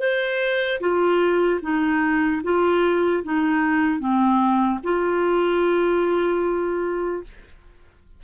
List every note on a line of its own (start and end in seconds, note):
0.00 0.80 C5
0.81 1.61 F4
1.62 2.42 D#4
2.44 3.24 F4
3.24 4.00 D#4
4.00 4.80 C4
4.84 7.24 F4